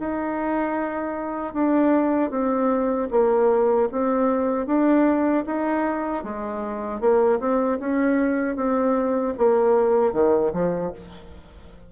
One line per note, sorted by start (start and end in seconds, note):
0.00 1.54 D#4
1.54 2.31 D4
2.31 3.09 C4
3.11 3.89 A#3
3.92 4.67 C4
4.67 5.45 D4
5.47 6.24 D#4
6.24 7.01 G#3
7.01 7.40 A#3
7.40 7.79 C4
7.80 8.56 C#4
8.56 9.34 C4
9.38 10.13 A#3
10.13 10.52 D#3
10.53 10.92 F3